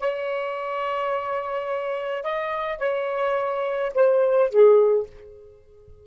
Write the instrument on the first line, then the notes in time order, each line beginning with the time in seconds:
saxophone
0.00 C#5
2.23 D#5
2.78 C#5
3.94 C5
4.50 G#4